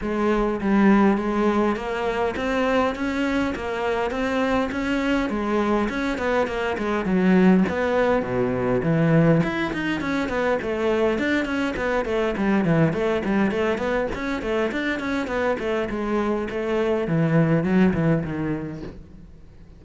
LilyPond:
\new Staff \with { instrumentName = "cello" } { \time 4/4 \tempo 4 = 102 gis4 g4 gis4 ais4 | c'4 cis'4 ais4 c'4 | cis'4 gis4 cis'8 b8 ais8 gis8 | fis4 b4 b,4 e4 |
e'8 dis'8 cis'8 b8 a4 d'8 cis'8 | b8 a8 g8 e8 a8 g8 a8 b8 | cis'8 a8 d'8 cis'8 b8 a8 gis4 | a4 e4 fis8 e8 dis4 | }